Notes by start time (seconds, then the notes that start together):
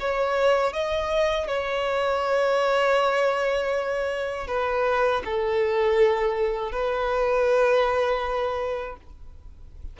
0.00 C#5
0.73 D#5
1.48 C#5
4.48 B4
5.25 A4
6.72 B4